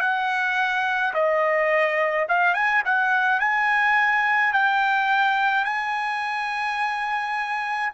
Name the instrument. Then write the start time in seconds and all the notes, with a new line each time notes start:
trumpet
0.00 F#5
1.14 D#5
2.28 F5
2.54 G#5
2.85 F#5
3.40 G#5
4.53 G5
5.64 G#5